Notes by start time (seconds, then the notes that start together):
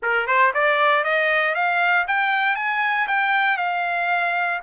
0.02 A#4
0.26 C5
0.53 D5
1.03 D#5
1.54 F5
2.07 G5
2.55 G#5
3.07 G5
3.57 F5